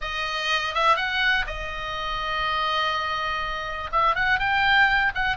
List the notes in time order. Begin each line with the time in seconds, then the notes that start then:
0.01 D#5
0.74 E5
0.96 F#5
1.46 D#5
3.91 E5
4.15 F#5
4.39 G5
5.14 F#5